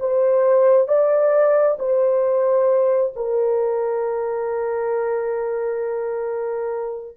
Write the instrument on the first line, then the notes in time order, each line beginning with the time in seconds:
horn
0.00 C5
0.88 D5
1.79 C5
3.16 A#4